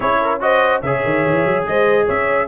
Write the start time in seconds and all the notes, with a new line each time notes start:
0.00 C#4 E4 G#4 C#5
0.21 A#4
0.40 F#4 C5 D#5
0.81 C#3 G#4 C#5 E5
1.04 D#3
1.25 E3
1.45 F#3
1.66 G#3 C5 D#5
2.05 C#4 C#5 E5